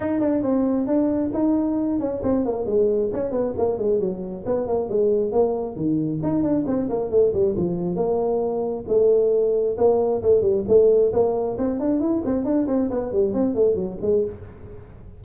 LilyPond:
\new Staff \with { instrumentName = "tuba" } { \time 4/4 \tempo 4 = 135 dis'8 d'8 c'4 d'4 dis'4~ | dis'8 cis'8 c'8 ais8 gis4 cis'8 b8 | ais8 gis8 fis4 b8 ais8 gis4 | ais4 dis4 dis'8 d'8 c'8 ais8 |
a8 g8 f4 ais2 | a2 ais4 a8 g8 | a4 ais4 c'8 d'8 e'8 c'8 | d'8 c'8 b8 g8 c'8 a8 fis8 gis8 | }